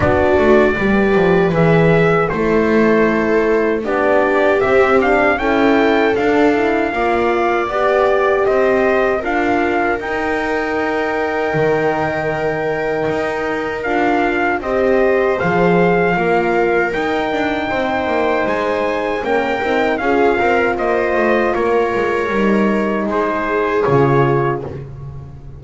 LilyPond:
<<
  \new Staff \with { instrumentName = "trumpet" } { \time 4/4 \tempo 4 = 78 d''2 e''4 c''4~ | c''4 d''4 e''8 f''8 g''4 | f''2 d''4 dis''4 | f''4 g''2.~ |
g''2 f''4 dis''4 | f''2 g''2 | gis''4 g''4 f''4 dis''4 | cis''2 c''4 cis''4 | }
  \new Staff \with { instrumentName = "viola" } { \time 4/4 fis'4 b'2 a'4~ | a'4 g'2 a'4~ | a'4 d''2 c''4 | ais'1~ |
ais'2. c''4~ | c''4 ais'2 c''4~ | c''4 ais'4 gis'8 ais'8 c''4 | ais'2 gis'2 | }
  \new Staff \with { instrumentName = "horn" } { \time 4/4 d'4 g'4 gis'4 e'4~ | e'4 d'4 c'8 d'8 e'4 | d'8 e'8 f'4 g'2 | f'4 dis'2.~ |
dis'2 f'4 g'4 | gis'4 f'4 dis'2~ | dis'4 cis'8 dis'8 f'2~ | f'4 dis'2 f'4 | }
  \new Staff \with { instrumentName = "double bass" } { \time 4/4 b8 a8 g8 f8 e4 a4~ | a4 b4 c'4 cis'4 | d'4 ais4 b4 c'4 | d'4 dis'2 dis4~ |
dis4 dis'4 d'4 c'4 | f4 ais4 dis'8 d'8 c'8 ais8 | gis4 ais8 c'8 cis'8 c'8 ais8 a8 | ais8 gis8 g4 gis4 cis4 | }
>>